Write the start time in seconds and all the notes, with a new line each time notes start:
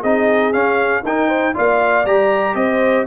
0.00 C4 D#4 G#4 D#5
0.52 C#4 F5
1.03 D#4 A#4 G5
1.27 C5
1.53 A#3 F4 D5 F5
2.05 G3 G4 A#5
2.55 C4 C5 D#5